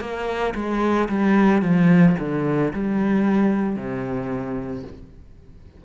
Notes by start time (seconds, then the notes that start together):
0.00 A#3
0.55 G#3
1.09 G3
1.62 F3
2.19 D3
2.73 G3
3.75 C3